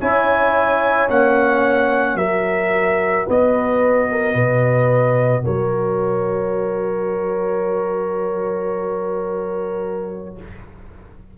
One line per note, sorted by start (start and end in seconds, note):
0.00 1.09 C#4
0.00 1.09 E4
0.00 2.18 C#5
0.00 1.10 G#5
1.09 2.15 A#3
1.09 2.18 C#4
1.09 2.17 F#5
2.15 3.25 F#3
2.15 10.37 F#4
2.15 3.26 A#4
2.15 3.26 E5
3.26 4.35 B3
3.26 4.08 B4
3.26 5.45 D#5
4.11 4.34 A#4
4.34 5.44 B2
4.34 5.43 B4
5.45 10.38 F#3
5.45 10.36 A#4
5.45 10.35 C#5